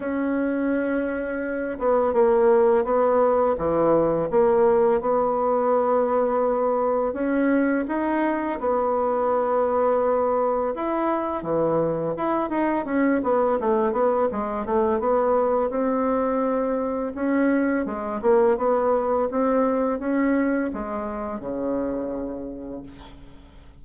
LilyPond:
\new Staff \with { instrumentName = "bassoon" } { \time 4/4 \tempo 4 = 84 cis'2~ cis'8 b8 ais4 | b4 e4 ais4 b4~ | b2 cis'4 dis'4 | b2. e'4 |
e4 e'8 dis'8 cis'8 b8 a8 b8 | gis8 a8 b4 c'2 | cis'4 gis8 ais8 b4 c'4 | cis'4 gis4 cis2 | }